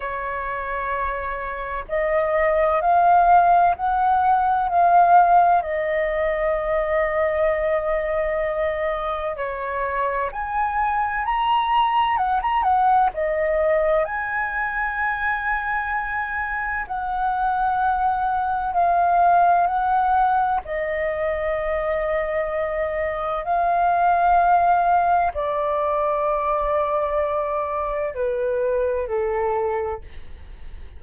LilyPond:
\new Staff \with { instrumentName = "flute" } { \time 4/4 \tempo 4 = 64 cis''2 dis''4 f''4 | fis''4 f''4 dis''2~ | dis''2 cis''4 gis''4 | ais''4 fis''16 ais''16 fis''8 dis''4 gis''4~ |
gis''2 fis''2 | f''4 fis''4 dis''2~ | dis''4 f''2 d''4~ | d''2 b'4 a'4 | }